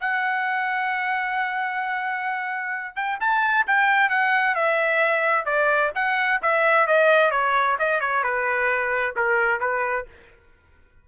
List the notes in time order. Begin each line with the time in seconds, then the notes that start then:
0.00 F#5
2.96 G5
3.20 A5
3.67 G5
4.10 F#5
4.55 E5
5.45 D5
5.95 F#5
6.42 E5
6.87 D#5
7.31 C#5
7.79 D#5
8.00 C#5
8.23 B4
9.16 A#4
9.60 B4